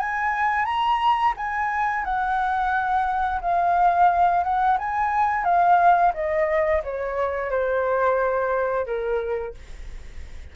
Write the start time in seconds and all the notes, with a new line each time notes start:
0.00 G#5
0.66 A#5
1.37 G#5
2.05 F#5
3.42 F5
4.44 F#5
4.79 G#5
5.45 F5
6.15 D#5
6.84 C#5
7.51 C5
8.86 A#4